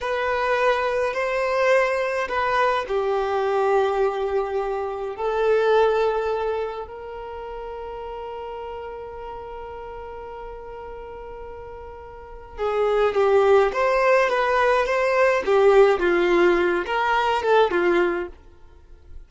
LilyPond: \new Staff \with { instrumentName = "violin" } { \time 4/4 \tempo 4 = 105 b'2 c''2 | b'4 g'2.~ | g'4 a'2. | ais'1~ |
ais'1~ | ais'2 gis'4 g'4 | c''4 b'4 c''4 g'4 | f'4. ais'4 a'8 f'4 | }